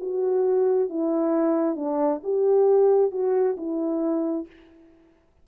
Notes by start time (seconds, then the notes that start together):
0.00 F#4
0.89 E4
1.76 D4
2.23 G4
3.11 F#4
3.57 E4